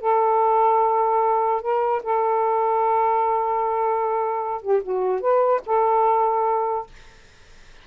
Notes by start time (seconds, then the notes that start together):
0.00 A4
1.61 A#4
2.03 A4
4.61 G4
4.82 F#4
5.20 B4
5.66 A4